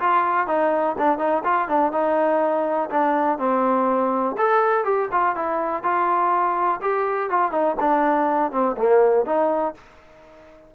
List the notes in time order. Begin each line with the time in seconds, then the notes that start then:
0.00 F4
0.47 D#4
0.99 D4
1.19 D#4
1.45 F4
1.69 D4
1.92 D#4
2.91 D4
3.39 C4
4.38 A4
4.85 G4
5.12 F4
5.36 E4
5.84 F4
6.82 G4
7.31 F4
7.52 D#4
7.80 D4
8.52 C4
8.77 A#3
9.26 D#4